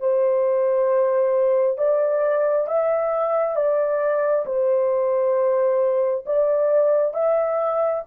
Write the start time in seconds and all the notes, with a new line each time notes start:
0.00 C5
1.78 D5
2.67 E5
3.56 D5
4.46 C5
6.26 D5
7.14 E5